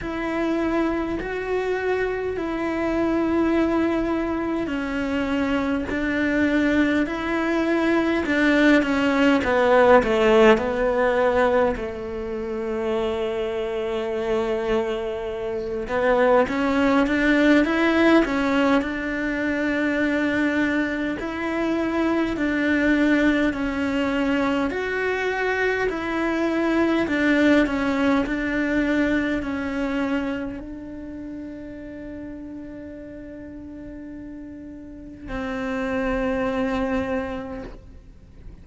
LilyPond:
\new Staff \with { instrumentName = "cello" } { \time 4/4 \tempo 4 = 51 e'4 fis'4 e'2 | cis'4 d'4 e'4 d'8 cis'8 | b8 a8 b4 a2~ | a4. b8 cis'8 d'8 e'8 cis'8 |
d'2 e'4 d'4 | cis'4 fis'4 e'4 d'8 cis'8 | d'4 cis'4 d'2~ | d'2 c'2 | }